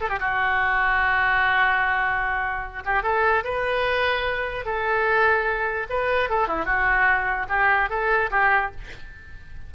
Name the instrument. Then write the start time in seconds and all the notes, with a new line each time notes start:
oboe
0.00 A4
0.09 G4
0.19 F#4
2.85 G4
3.03 A4
3.44 B4
4.65 A4
5.89 B4
6.29 A4
6.47 E4
6.65 F#4
7.49 G4
7.89 A4
8.31 G4